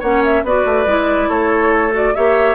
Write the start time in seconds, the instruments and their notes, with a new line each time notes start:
0.00 bassoon A#3, clarinet C#4, oboe C#5, flute F#5
0.24 flute E5
0.44 bassoon B3, clarinet F#4, oboe B4, flute D5
0.65 bassoon A3
0.86 bassoon G#3, clarinet E4
1.29 bassoon A3, oboe A4, flute C#5
1.92 clarinet F#4, flute D5
2.15 bassoon A#3, clarinet G4, oboe C#5, flute E5